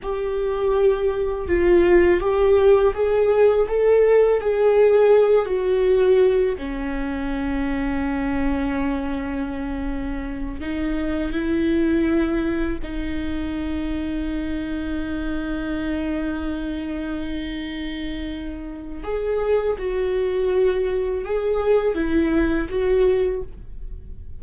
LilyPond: \new Staff \with { instrumentName = "viola" } { \time 4/4 \tempo 4 = 82 g'2 f'4 g'4 | gis'4 a'4 gis'4. fis'8~ | fis'4 cis'2.~ | cis'2~ cis'8 dis'4 e'8~ |
e'4. dis'2~ dis'8~ | dis'1~ | dis'2 gis'4 fis'4~ | fis'4 gis'4 e'4 fis'4 | }